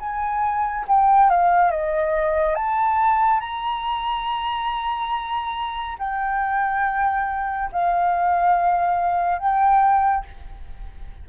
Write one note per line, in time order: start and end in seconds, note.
0.00 0.86 G#5
0.88 1.30 G5
1.30 1.71 F5
1.71 2.55 D#5
2.55 3.41 A5
3.41 5.98 A#5
5.99 7.71 G5
7.72 9.39 F5
9.39 10.25 G5